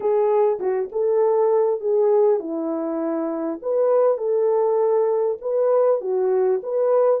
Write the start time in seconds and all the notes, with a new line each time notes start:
0.00 G#4
0.59 F#4
0.92 A4
1.80 G#4
2.39 E4
3.62 B4
4.17 A4
5.41 B4
6.01 F#4
6.62 B4